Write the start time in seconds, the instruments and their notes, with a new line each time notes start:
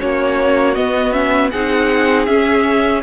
0.00 cello A#3, viola C#4, violin F#4 C#5
0.74 viola B3, cello B3, violin D#5
1.11 viola C#4, violin E5
1.50 cello C4, viola D#4, violin G#4 F#5
2.25 cello C#4, viola C#4, violin E5